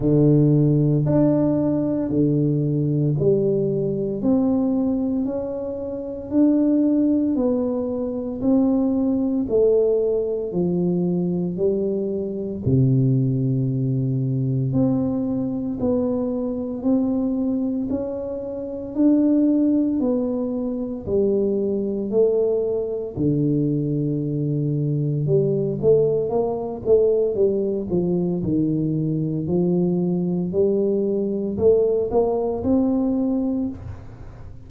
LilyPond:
\new Staff \with { instrumentName = "tuba" } { \time 4/4 \tempo 4 = 57 d4 d'4 d4 g4 | c'4 cis'4 d'4 b4 | c'4 a4 f4 g4 | c2 c'4 b4 |
c'4 cis'4 d'4 b4 | g4 a4 d2 | g8 a8 ais8 a8 g8 f8 dis4 | f4 g4 a8 ais8 c'4 | }